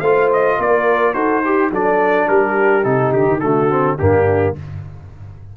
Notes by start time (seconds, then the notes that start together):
0.00 A3 F4 C5 F5
0.33 D#5
0.59 A#3 A#4 D5
1.14 D#4 F#4 A4 C5
1.45 G4
1.71 F#3 D4 A4 D5
2.29 G3 G4 A#4
2.83 C3 D#4 A4
3.13 D3 G4
3.28 D#3
3.40 D3 A3 F#4 A4
3.70 C4
3.99 G2 A#3 D4 G4